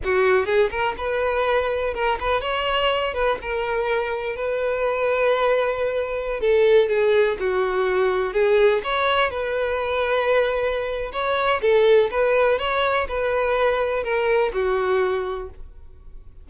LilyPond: \new Staff \with { instrumentName = "violin" } { \time 4/4 \tempo 4 = 124 fis'4 gis'8 ais'8 b'2 | ais'8 b'8 cis''4. b'8 ais'4~ | ais'4 b'2.~ | b'4~ b'16 a'4 gis'4 fis'8.~ |
fis'4~ fis'16 gis'4 cis''4 b'8.~ | b'2. cis''4 | a'4 b'4 cis''4 b'4~ | b'4 ais'4 fis'2 | }